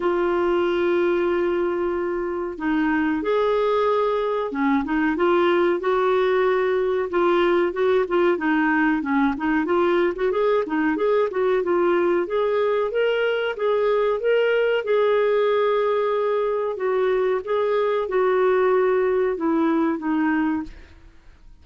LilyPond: \new Staff \with { instrumentName = "clarinet" } { \time 4/4 \tempo 4 = 93 f'1 | dis'4 gis'2 cis'8 dis'8 | f'4 fis'2 f'4 | fis'8 f'8 dis'4 cis'8 dis'8 f'8. fis'16 |
gis'8 dis'8 gis'8 fis'8 f'4 gis'4 | ais'4 gis'4 ais'4 gis'4~ | gis'2 fis'4 gis'4 | fis'2 e'4 dis'4 | }